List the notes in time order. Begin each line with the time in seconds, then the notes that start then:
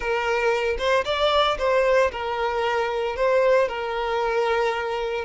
0.00 A#4
0.78 C5
1.04 D5
1.58 C5
2.11 A#4
3.16 C5
3.68 A#4